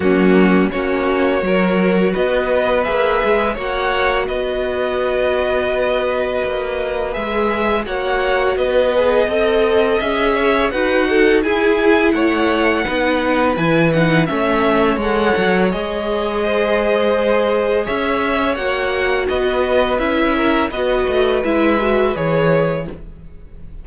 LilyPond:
<<
  \new Staff \with { instrumentName = "violin" } { \time 4/4 \tempo 4 = 84 fis'4 cis''2 dis''4 | e''4 fis''4 dis''2~ | dis''2 e''4 fis''4 | dis''2 e''4 fis''4 |
gis''4 fis''2 gis''8 fis''8 | e''4 fis''4 dis''2~ | dis''4 e''4 fis''4 dis''4 | e''4 dis''4 e''4 cis''4 | }
  \new Staff \with { instrumentName = "violin" } { \time 4/4 cis'4 fis'4 ais'4 b'4~ | b'4 cis''4 b'2~ | b'2. cis''4 | b'4 dis''4. cis''8 b'8 a'8 |
gis'4 cis''4 b'2 | cis''2. c''4~ | c''4 cis''2 b'4~ | b'8 ais'8 b'2. | }
  \new Staff \with { instrumentName = "viola" } { \time 4/4 ais4 cis'4 fis'2 | gis'4 fis'2.~ | fis'2 gis'4 fis'4~ | fis'8 gis'8 a'4 gis'4 fis'4 |
e'2 dis'4 e'8 dis'8 | cis'4 a'4 gis'2~ | gis'2 fis'2 | e'4 fis'4 e'8 fis'8 gis'4 | }
  \new Staff \with { instrumentName = "cello" } { \time 4/4 fis4 ais4 fis4 b4 | ais8 gis8 ais4 b2~ | b4 ais4 gis4 ais4 | b4 c'4 cis'4 dis'4 |
e'4 a4 b4 e4 | a4 gis8 fis8 gis2~ | gis4 cis'4 ais4 b4 | cis'4 b8 a8 gis4 e4 | }
>>